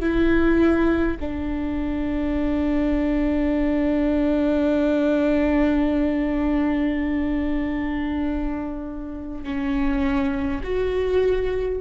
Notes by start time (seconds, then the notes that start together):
0.00 E4
1.20 D4
9.44 C#4
10.64 F#4